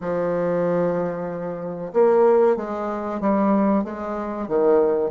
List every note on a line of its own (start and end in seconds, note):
0.00 1.92 F3
1.93 2.56 A#3
2.56 3.20 G#3
3.20 3.84 G3
3.84 4.47 G#3
4.48 5.10 D#3